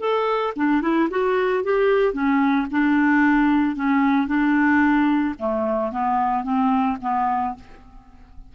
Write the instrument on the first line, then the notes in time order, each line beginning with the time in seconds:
clarinet
0.00 A4
0.56 D4
0.82 E4
1.10 F#4
1.64 G4
2.13 C#4
2.71 D4
3.75 C#4
4.27 D4
5.39 A3
5.92 B3
6.44 C4
7.01 B3